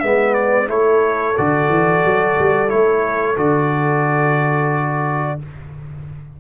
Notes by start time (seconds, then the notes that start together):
0.00 G#3 B3 B4 E5
0.34 D5
0.67 A3 E4 A4 C#5
1.37 D3 F#4 D5
1.69 E3
2.05 F#3
2.39 G3
2.68 A3 E4 C#5
3.37 D3 F#4 D5